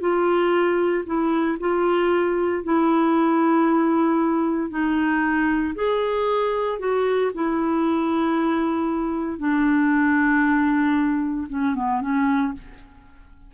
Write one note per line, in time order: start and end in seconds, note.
0.00 1.04 F4
1.06 1.58 E4
1.60 2.64 F4
2.64 4.70 E4
4.70 5.74 D#4
5.75 6.79 G#4
6.79 7.31 F#4
7.34 9.38 E4
9.38 11.47 D4
11.49 11.75 C#4
11.75 12.01 B3
12.01 12.53 C#4